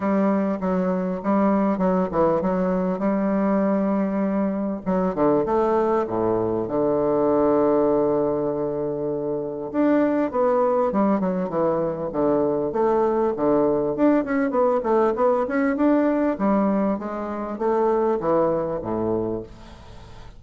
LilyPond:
\new Staff \with { instrumentName = "bassoon" } { \time 4/4 \tempo 4 = 99 g4 fis4 g4 fis8 e8 | fis4 g2. | fis8 d8 a4 a,4 d4~ | d1 |
d'4 b4 g8 fis8 e4 | d4 a4 d4 d'8 cis'8 | b8 a8 b8 cis'8 d'4 g4 | gis4 a4 e4 a,4 | }